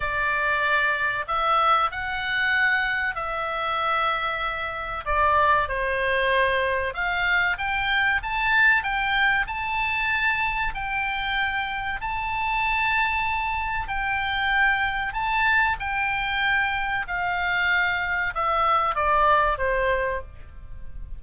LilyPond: \new Staff \with { instrumentName = "oboe" } { \time 4/4 \tempo 4 = 95 d''2 e''4 fis''4~ | fis''4 e''2. | d''4 c''2 f''4 | g''4 a''4 g''4 a''4~ |
a''4 g''2 a''4~ | a''2 g''2 | a''4 g''2 f''4~ | f''4 e''4 d''4 c''4 | }